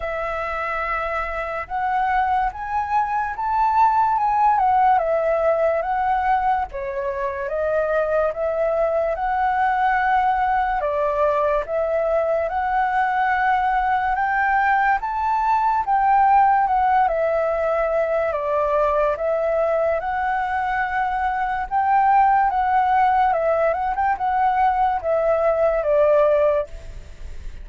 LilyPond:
\new Staff \with { instrumentName = "flute" } { \time 4/4 \tempo 4 = 72 e''2 fis''4 gis''4 | a''4 gis''8 fis''8 e''4 fis''4 | cis''4 dis''4 e''4 fis''4~ | fis''4 d''4 e''4 fis''4~ |
fis''4 g''4 a''4 g''4 | fis''8 e''4. d''4 e''4 | fis''2 g''4 fis''4 | e''8 fis''16 g''16 fis''4 e''4 d''4 | }